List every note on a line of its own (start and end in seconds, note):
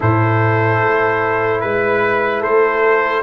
0.00 0.82 A2
0.00 3.22 E4
0.00 1.61 A4
0.00 1.60 C5
0.82 1.62 A3
1.60 2.44 G#3
1.60 2.41 B4
1.60 2.40 B4
2.40 3.22 A3
2.40 3.21 A4
2.40 3.22 C5